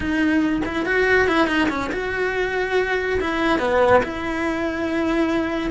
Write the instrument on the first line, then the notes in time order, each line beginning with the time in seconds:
cello
0.00 D#4
0.65 E4
0.85 F#4
1.27 E4
1.47 D#4
1.69 C#4
1.92 F#4
3.20 E4
3.59 B3
4.03 E4